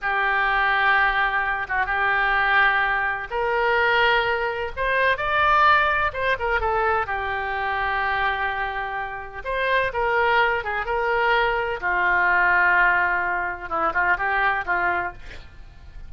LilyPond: \new Staff \with { instrumentName = "oboe" } { \time 4/4 \tempo 4 = 127 g'2.~ g'8 fis'8 | g'2. ais'4~ | ais'2 c''4 d''4~ | d''4 c''8 ais'8 a'4 g'4~ |
g'1 | c''4 ais'4. gis'8 ais'4~ | ais'4 f'2.~ | f'4 e'8 f'8 g'4 f'4 | }